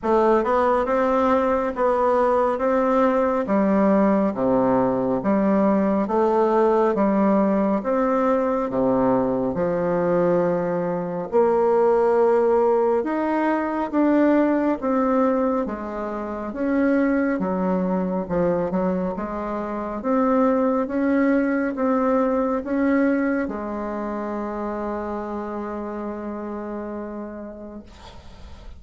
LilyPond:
\new Staff \with { instrumentName = "bassoon" } { \time 4/4 \tempo 4 = 69 a8 b8 c'4 b4 c'4 | g4 c4 g4 a4 | g4 c'4 c4 f4~ | f4 ais2 dis'4 |
d'4 c'4 gis4 cis'4 | fis4 f8 fis8 gis4 c'4 | cis'4 c'4 cis'4 gis4~ | gis1 | }